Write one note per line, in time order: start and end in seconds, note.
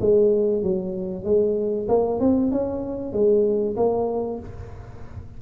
0.00 0.63 G#3
0.63 1.24 F#3
1.24 1.87 G#3
1.88 2.20 A#3
2.20 2.51 C4
2.51 3.13 C#4
3.13 3.76 G#3
3.76 4.39 A#3